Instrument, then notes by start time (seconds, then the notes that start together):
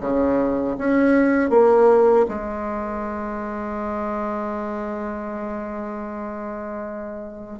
bassoon
0.00 C#3
0.78 C#4
1.49 A#3
2.28 G#3